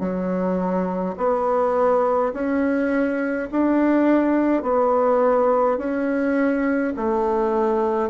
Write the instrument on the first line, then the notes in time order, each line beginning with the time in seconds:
bassoon
0.00 F#3
1.17 B3
2.34 C#4
3.51 D4
4.63 B3
5.78 C#4
6.97 A3